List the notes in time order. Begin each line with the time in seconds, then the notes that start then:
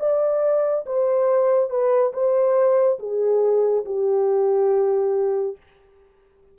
0.00 D5
0.86 C5
1.70 B4
2.14 C5
2.99 G#4
3.86 G4